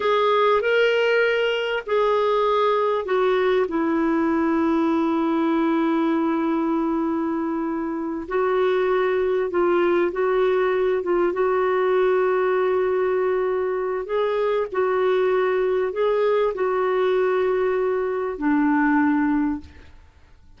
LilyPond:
\new Staff \with { instrumentName = "clarinet" } { \time 4/4 \tempo 4 = 98 gis'4 ais'2 gis'4~ | gis'4 fis'4 e'2~ | e'1~ | e'4. fis'2 f'8~ |
f'8 fis'4. f'8 fis'4.~ | fis'2. gis'4 | fis'2 gis'4 fis'4~ | fis'2 d'2 | }